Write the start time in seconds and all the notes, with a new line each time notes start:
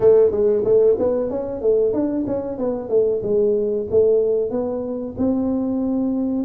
0.00 A3
0.31 G#3
0.64 A3
0.98 B3
1.30 C#4
1.61 A3
1.93 D4
2.26 C#4
2.58 B3
2.89 A3
3.23 G#3
3.90 A3
4.50 B3
5.17 C4